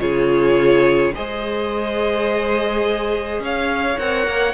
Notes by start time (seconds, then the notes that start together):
0.00 C#3 F4 G#4 C#5
1.15 G#3 G#4 C5 D#5
3.40 C#4 C#5 F5
3.99 C4 A#4 F#5
4.27 A#3